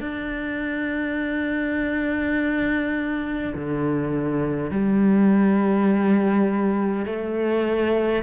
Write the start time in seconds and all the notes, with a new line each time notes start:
0.00 D4
3.55 D3
4.71 G3
7.06 A3